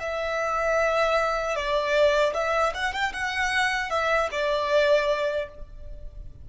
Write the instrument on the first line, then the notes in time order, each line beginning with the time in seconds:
violin
0.00 E5
1.55 D5
2.34 E5
2.74 F#5
2.93 G5
3.13 F#5
3.90 E5
4.31 D5